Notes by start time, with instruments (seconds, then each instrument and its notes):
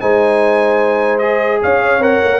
0.00 tuba G#3, trombone D#4, horn C5, trumpet G#5
1.18 trombone G#4, trumpet D#5
1.62 tuba C#4, horn C#5, trumpet F5
1.98 tuba C4, trombone A#4, trumpet F#5
2.23 tuba A#3